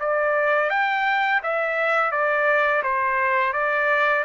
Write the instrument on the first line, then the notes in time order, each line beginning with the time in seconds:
trumpet
0.00 D5
0.70 G5
1.43 E5
2.12 D5
2.83 C5
3.53 D5